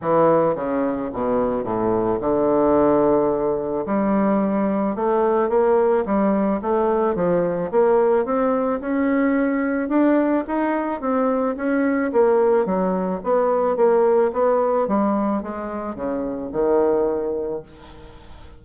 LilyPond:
\new Staff \with { instrumentName = "bassoon" } { \time 4/4 \tempo 4 = 109 e4 cis4 b,4 a,4 | d2. g4~ | g4 a4 ais4 g4 | a4 f4 ais4 c'4 |
cis'2 d'4 dis'4 | c'4 cis'4 ais4 fis4 | b4 ais4 b4 g4 | gis4 cis4 dis2 | }